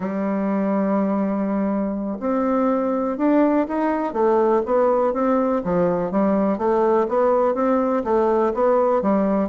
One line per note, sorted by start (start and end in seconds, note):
0.00 2.17 G3
2.20 3.17 C4
3.17 3.66 D4
3.68 4.13 D#4
4.13 4.62 A3
4.65 5.13 B3
5.13 5.61 C4
5.63 6.11 F3
6.11 6.57 G3
6.57 7.06 A3
7.08 7.54 B3
7.54 8.03 C4
8.04 8.53 A3
8.54 9.01 B3
9.01 9.49 G3